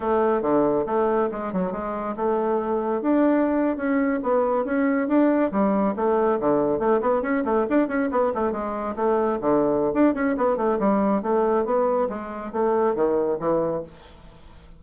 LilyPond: \new Staff \with { instrumentName = "bassoon" } { \time 4/4 \tempo 4 = 139 a4 d4 a4 gis8 fis8 | gis4 a2 d'4~ | d'8. cis'4 b4 cis'4 d'16~ | d'8. g4 a4 d4 a16~ |
a16 b8 cis'8 a8 d'8 cis'8 b8 a8 gis16~ | gis8. a4 d4~ d16 d'8 cis'8 | b8 a8 g4 a4 b4 | gis4 a4 dis4 e4 | }